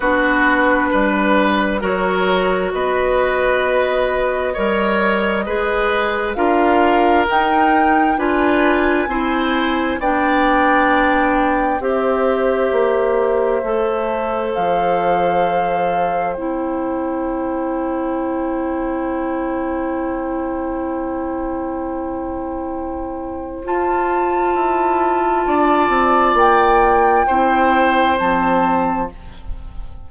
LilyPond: <<
  \new Staff \with { instrumentName = "flute" } { \time 4/4 \tempo 4 = 66 b'2 cis''4 dis''4~ | dis''2. f''4 | g''4 gis''2 g''4~ | g''4 e''2. |
f''2 g''2~ | g''1~ | g''2 a''2~ | a''4 g''2 a''4 | }
  \new Staff \with { instrumentName = "oboe" } { \time 4/4 fis'4 b'4 ais'4 b'4~ | b'4 cis''4 b'4 ais'4~ | ais'4 b'4 c''4 d''4~ | d''4 c''2.~ |
c''1~ | c''1~ | c''1 | d''2 c''2 | }
  \new Staff \with { instrumentName = "clarinet" } { \time 4/4 d'2 fis'2~ | fis'4 ais'4 gis'4 f'4 | dis'4 f'4 e'4 d'4~ | d'4 g'2 a'4~ |
a'2 e'2~ | e'1~ | e'2 f'2~ | f'2 e'4 c'4 | }
  \new Staff \with { instrumentName = "bassoon" } { \time 4/4 b4 g4 fis4 b4~ | b4 g4 gis4 d'4 | dis'4 d'4 c'4 b4~ | b4 c'4 ais4 a4 |
f2 c'2~ | c'1~ | c'2 f'4 e'4 | d'8 c'8 ais4 c'4 f4 | }
>>